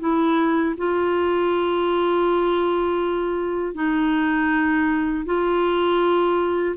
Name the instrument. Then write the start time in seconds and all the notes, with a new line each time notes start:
clarinet
0.00 E4
0.78 F4
3.75 D#4
5.26 F4